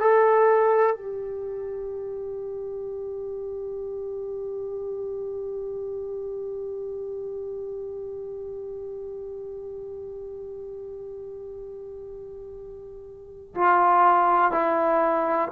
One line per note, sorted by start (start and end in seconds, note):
0.00 0.96 A4
0.96 13.54 G4
13.55 14.52 F4
14.52 15.48 E4